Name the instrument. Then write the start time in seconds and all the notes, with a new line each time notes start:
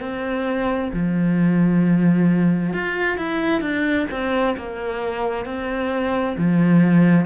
cello
0.00 C4
0.93 F3
2.73 F4
3.17 E4
3.61 D4
4.11 C4
4.57 A#3
5.45 C4
6.37 F3